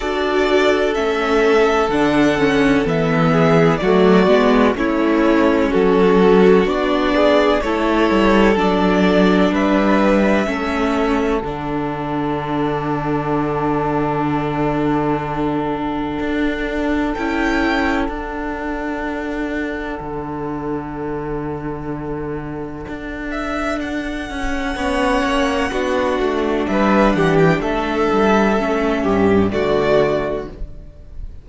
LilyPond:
<<
  \new Staff \with { instrumentName = "violin" } { \time 4/4 \tempo 4 = 63 d''4 e''4 fis''4 e''4 | d''4 cis''4 a'4 d''4 | cis''4 d''4 e''2 | fis''1~ |
fis''2 g''4 fis''4~ | fis''1~ | fis''8 e''8 fis''2. | e''8 fis''16 g''16 e''2 d''4 | }
  \new Staff \with { instrumentName = "violin" } { \time 4/4 a'2.~ a'8 gis'8 | fis'4 e'4 fis'4. gis'8 | a'2 b'4 a'4~ | a'1~ |
a'1~ | a'1~ | a'2 cis''4 fis'4 | b'8 g'8 a'4. g'8 fis'4 | }
  \new Staff \with { instrumentName = "viola" } { \time 4/4 fis'4 cis'4 d'8 cis'8 b4 | a8 b8 cis'2 d'4 | e'4 d'2 cis'4 | d'1~ |
d'2 e'4 d'4~ | d'1~ | d'2 cis'4 d'4~ | d'2 cis'4 a4 | }
  \new Staff \with { instrumentName = "cello" } { \time 4/4 d'4 a4 d4 e4 | fis8 gis8 a4 fis4 b4 | a8 g8 fis4 g4 a4 | d1~ |
d4 d'4 cis'4 d'4~ | d'4 d2. | d'4. cis'8 b8 ais8 b8 a8 | g8 e8 a8 g8 a8 g,8 d4 | }
>>